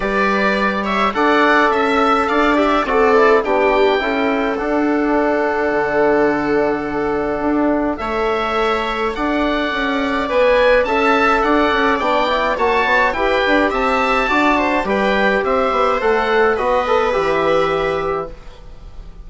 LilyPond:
<<
  \new Staff \with { instrumentName = "oboe" } { \time 4/4 \tempo 4 = 105 d''4. e''8 fis''4 e''4 | f''8 e''8 d''4 g''2 | fis''1~ | fis''2 e''2 |
fis''2 gis''4 a''4 | fis''4 g''4 a''4 g''4 | a''2 g''4 e''4 | fis''4 dis''4 e''2 | }
  \new Staff \with { instrumentName = "viola" } { \time 4/4 b'4. cis''8 d''4 e''4 | d''4 a'4 g'4 a'4~ | a'1~ | a'2 cis''2 |
d''2. e''4 | d''2 cis''4 b'4 | e''4 d''8 c''8 b'4 c''4~ | c''4 b'2. | }
  \new Staff \with { instrumentName = "trombone" } { \time 4/4 g'2 a'2~ | a'8 g'8 fis'8 e'8 d'4 e'4 | d'1~ | d'2 a'2~ |
a'2 b'4 a'4~ | a'4 d'8 e'8 fis'4 g'4~ | g'4 fis'4 g'2 | a'4 fis'8 a'8 g'2 | }
  \new Staff \with { instrumentName = "bassoon" } { \time 4/4 g2 d'4 cis'4 | d'4 c'4 b4 cis'4 | d'2 d2~ | d4 d'4 a2 |
d'4 cis'4 b4 cis'4 | d'8 cis'8 b4 ais8 b8 e'8 d'8 | c'4 d'4 g4 c'8 b8 | a4 b4 e2 | }
>>